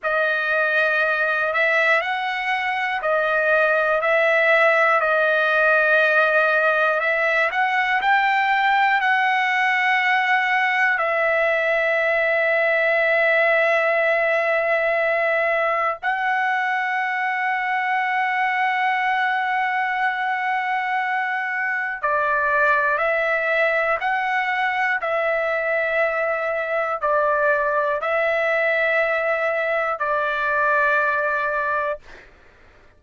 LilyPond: \new Staff \with { instrumentName = "trumpet" } { \time 4/4 \tempo 4 = 60 dis''4. e''8 fis''4 dis''4 | e''4 dis''2 e''8 fis''8 | g''4 fis''2 e''4~ | e''1 |
fis''1~ | fis''2 d''4 e''4 | fis''4 e''2 d''4 | e''2 d''2 | }